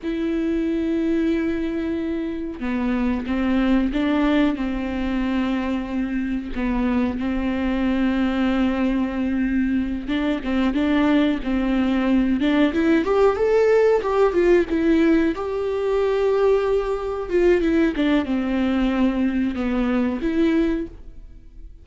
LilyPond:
\new Staff \with { instrumentName = "viola" } { \time 4/4 \tempo 4 = 92 e'1 | b4 c'4 d'4 c'4~ | c'2 b4 c'4~ | c'2.~ c'8 d'8 |
c'8 d'4 c'4. d'8 e'8 | g'8 a'4 g'8 f'8 e'4 g'8~ | g'2~ g'8 f'8 e'8 d'8 | c'2 b4 e'4 | }